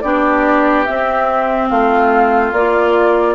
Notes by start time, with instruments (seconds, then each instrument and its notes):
0.00 bassoon B3, clarinet D4, oboe G4, flute D5
0.84 clarinet C4, bassoon C4, flute E5
1.69 bassoon A3, oboe F4, flute F5
2.52 bassoon A#3, clarinet F4, flute D5